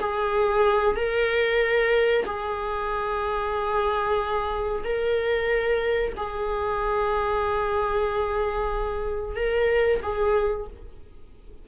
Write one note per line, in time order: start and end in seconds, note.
0.00 0.96 G#4
0.96 2.25 A#4
2.26 4.84 G#4
4.84 6.13 A#4
6.17 9.36 G#4
9.36 10.01 A#4
10.02 10.67 G#4